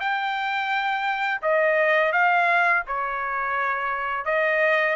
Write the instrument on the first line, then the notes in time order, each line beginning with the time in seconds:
trumpet
0.00 G5
1.42 D#5
2.12 F5
2.87 C#5
4.25 D#5